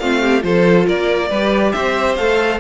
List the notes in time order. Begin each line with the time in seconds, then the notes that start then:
0.00 A3 C4 F4 F5
0.22 G4
0.41 F3 F4 A4 C5
0.87 A#3 A#4 D5
1.30 G3 G4 B4
1.72 C4 C5 E5
2.16 A3 A4 F5